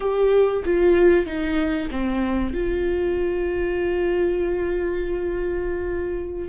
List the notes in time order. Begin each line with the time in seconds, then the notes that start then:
0.00 G4
0.65 F4
1.26 D#4
1.90 C4
2.53 F4